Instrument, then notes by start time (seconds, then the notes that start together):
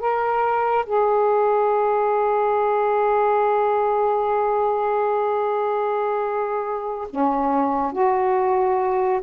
saxophone
0.00 A#4
0.86 G#4
7.10 C#4
7.93 F#4